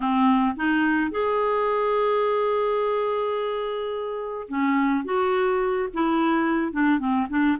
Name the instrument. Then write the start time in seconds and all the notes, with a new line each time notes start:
clarinet
0.00 C4
0.56 D#4
1.11 G#4
4.48 C#4
5.04 F#4
5.93 E4
6.72 D4
6.99 C4
7.29 D4